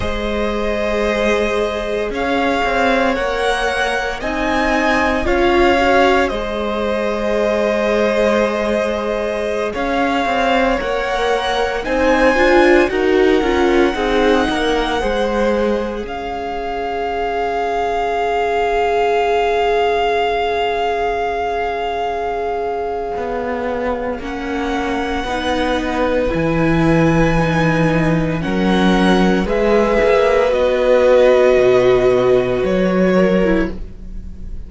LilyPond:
<<
  \new Staff \with { instrumentName = "violin" } { \time 4/4 \tempo 4 = 57 dis''2 f''4 fis''4 | gis''4 f''4 dis''2~ | dis''4~ dis''16 f''4 fis''4 gis''8.~ | gis''16 fis''2. f''8.~ |
f''1~ | f''2. fis''4~ | fis''4 gis''2 fis''4 | e''4 dis''2 cis''4 | }
  \new Staff \with { instrumentName = "violin" } { \time 4/4 c''2 cis''2 | dis''4 cis''4 c''2~ | c''4~ c''16 cis''2 c''8.~ | c''16 ais'4 gis'8 ais'8 c''4 cis''8.~ |
cis''1~ | cis''1 | b'2. ais'4 | b'2.~ b'8 ais'8 | }
  \new Staff \with { instrumentName = "viola" } { \time 4/4 gis'2. ais'4 | dis'4 f'8 fis'8 gis'2~ | gis'2~ gis'16 ais'4 dis'8 f'16~ | f'16 fis'8 f'8 dis'4 gis'4.~ gis'16~ |
gis'1~ | gis'2. cis'4 | dis'4 e'4 dis'4 cis'4 | gis'4 fis'2~ fis'8. e'16 | }
  \new Staff \with { instrumentName = "cello" } { \time 4/4 gis2 cis'8 c'8 ais4 | c'4 cis'4 gis2~ | gis4~ gis16 cis'8 c'8 ais4 c'8 d'16~ | d'16 dis'8 cis'8 c'8 ais8 gis4 cis'8.~ |
cis'1~ | cis'2 b4 ais4 | b4 e2 fis4 | gis8 ais8 b4 b,4 fis4 | }
>>